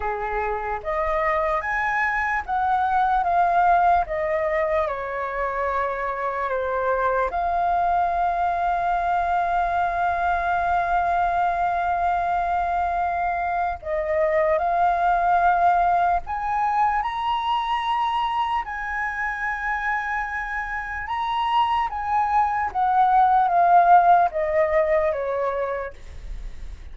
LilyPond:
\new Staff \with { instrumentName = "flute" } { \time 4/4 \tempo 4 = 74 gis'4 dis''4 gis''4 fis''4 | f''4 dis''4 cis''2 | c''4 f''2.~ | f''1~ |
f''4 dis''4 f''2 | gis''4 ais''2 gis''4~ | gis''2 ais''4 gis''4 | fis''4 f''4 dis''4 cis''4 | }